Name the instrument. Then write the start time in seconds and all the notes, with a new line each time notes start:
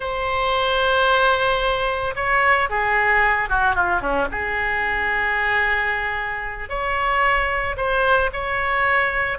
oboe
0.00 C5
2.15 C#5
2.69 G#4
3.49 F#4
3.75 F4
4.00 C#4
4.31 G#4
6.69 C#5
7.77 C5
8.32 C#5